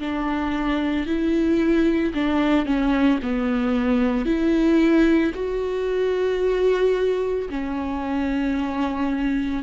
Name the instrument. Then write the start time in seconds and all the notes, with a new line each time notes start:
viola
0.00 D4
1.07 E4
2.14 D4
2.66 C#4
3.23 B3
4.26 E4
5.35 F#4
7.50 C#4